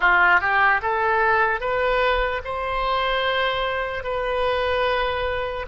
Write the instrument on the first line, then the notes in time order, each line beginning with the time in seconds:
oboe
0.00 F4
0.40 G4
0.81 A4
1.60 B4
2.44 C5
4.03 B4